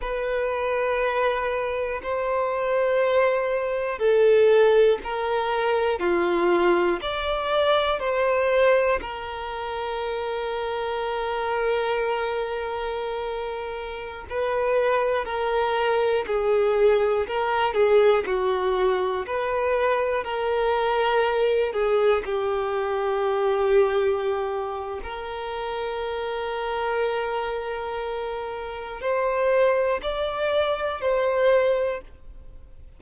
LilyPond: \new Staff \with { instrumentName = "violin" } { \time 4/4 \tempo 4 = 60 b'2 c''2 | a'4 ais'4 f'4 d''4 | c''4 ais'2.~ | ais'2~ ais'16 b'4 ais'8.~ |
ais'16 gis'4 ais'8 gis'8 fis'4 b'8.~ | b'16 ais'4. gis'8 g'4.~ g'16~ | g'4 ais'2.~ | ais'4 c''4 d''4 c''4 | }